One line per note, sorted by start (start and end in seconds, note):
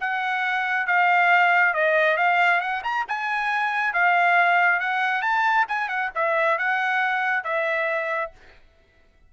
0.00 0.87 F#5
0.87 1.74 F5
1.74 2.17 D#5
2.17 2.61 F5
2.61 2.82 F#5
2.83 3.05 A#5
3.08 3.93 G#5
3.93 4.80 F5
4.80 5.22 F#5
5.22 5.66 A5
5.68 5.88 G#5
5.88 6.10 F#5
6.15 6.58 E5
6.58 7.44 F#5
7.44 8.32 E5